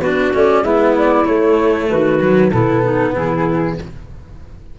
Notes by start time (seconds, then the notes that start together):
0.00 B3 D4 F#4 B4
0.34 A3 C#4 D5
0.62 G#3 B3 E4 E5
0.98 D5
1.25 A3 C#5
1.89 D#3 F#4 B4
2.21 F#3
2.51 B2 B3 E4 A4
2.84 D#4
3.13 E3 E4 G#4